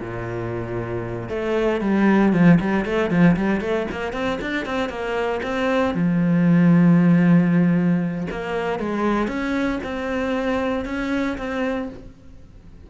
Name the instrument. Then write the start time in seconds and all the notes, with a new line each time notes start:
cello
0.00 A#2
1.29 A3
1.81 G3
2.33 F3
2.60 G3
2.85 A3
3.10 F3
3.36 G3
3.61 A3
3.91 A#3
4.13 C4
4.41 D4
4.66 C4
4.89 A#3
5.43 C4
5.95 F3
8.31 A#3
8.79 G#3
9.28 C#4
9.84 C4
10.86 C#4
11.38 C4